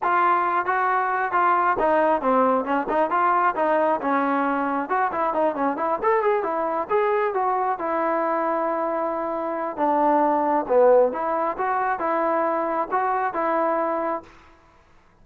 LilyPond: \new Staff \with { instrumentName = "trombone" } { \time 4/4 \tempo 4 = 135 f'4. fis'4. f'4 | dis'4 c'4 cis'8 dis'8 f'4 | dis'4 cis'2 fis'8 e'8 | dis'8 cis'8 e'8 a'8 gis'8 e'4 gis'8~ |
gis'8 fis'4 e'2~ e'8~ | e'2 d'2 | b4 e'4 fis'4 e'4~ | e'4 fis'4 e'2 | }